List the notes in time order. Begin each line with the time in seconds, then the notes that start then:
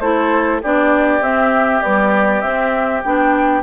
0.00 A3 E4 A4 C5
0.62 B3 D4 G4 D5
1.21 C4 E5
1.81 G3 B3 D5
2.41 C4 E5
3.03 B3 D4 G5